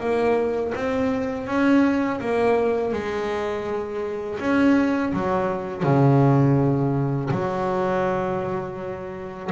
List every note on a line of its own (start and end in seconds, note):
0.00 0.73 A#3
0.75 1.47 C4
1.47 2.20 C#4
2.20 2.92 A#3
2.92 4.39 G#3
4.39 5.13 C#4
5.13 5.83 F#3
5.83 7.29 C#3
7.30 9.50 F#3